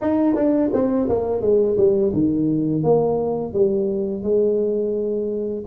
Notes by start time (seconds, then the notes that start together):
0.01 D#4
0.35 D4
0.73 C4
1.08 A#3
1.41 G#3
1.77 G3
2.13 D#3
2.83 A#3
3.53 G3
4.23 G#3